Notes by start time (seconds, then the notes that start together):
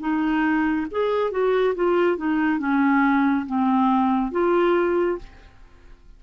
0.00 D#4
0.91 G#4
1.31 F#4
1.75 F4
2.17 D#4
2.59 C#4
3.46 C4
4.32 F4